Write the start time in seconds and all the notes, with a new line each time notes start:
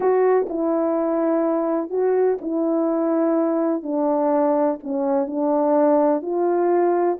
0.00 F#4
0.49 E4
1.90 F#4
2.41 E4
3.83 D4
4.83 C#4
5.26 D4
6.22 F4